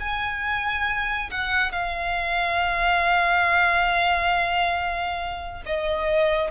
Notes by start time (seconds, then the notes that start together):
0.00 G#5
1.31 F#5
1.72 F5
5.66 D#5